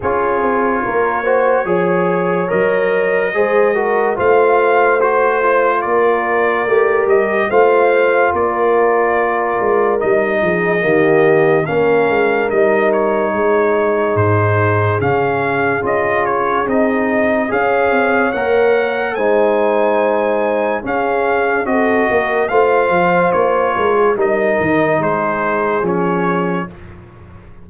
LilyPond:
<<
  \new Staff \with { instrumentName = "trumpet" } { \time 4/4 \tempo 4 = 72 cis''2. dis''4~ | dis''4 f''4 c''4 d''4~ | d''8 dis''8 f''4 d''2 | dis''2 f''4 dis''8 cis''8~ |
cis''4 c''4 f''4 dis''8 cis''8 | dis''4 f''4 fis''4 gis''4~ | gis''4 f''4 dis''4 f''4 | cis''4 dis''4 c''4 cis''4 | }
  \new Staff \with { instrumentName = "horn" } { \time 4/4 gis'4 ais'8 c''8 cis''2 | c''8 ais'8 c''2 ais'4~ | ais'4 c''4 ais'2~ | ais'8 gis'8 g'4 ais'2 |
gis'1~ | gis'4 cis''2 c''4~ | c''4 gis'4 a'8 ais'8 c''4~ | c''8 ais'16 gis'16 ais'4 gis'2 | }
  \new Staff \with { instrumentName = "trombone" } { \time 4/4 f'4. fis'8 gis'4 ais'4 | gis'8 fis'8 f'4 fis'8 f'4. | g'4 f'2. | dis'4 ais4 cis'4 dis'4~ |
dis'2 cis'4 f'4 | dis'4 gis'4 ais'4 dis'4~ | dis'4 cis'4 fis'4 f'4~ | f'4 dis'2 cis'4 | }
  \new Staff \with { instrumentName = "tuba" } { \time 4/4 cis'8 c'8 ais4 f4 fis4 | gis4 a2 ais4 | a8 g8 a4 ais4. gis8 | g8 f8 dis4 ais8 gis8 g4 |
gis4 gis,4 cis4 cis'4 | c'4 cis'8 c'8 ais4 gis4~ | gis4 cis'4 c'8 ais8 a8 f8 | ais8 gis8 g8 dis8 gis4 f4 | }
>>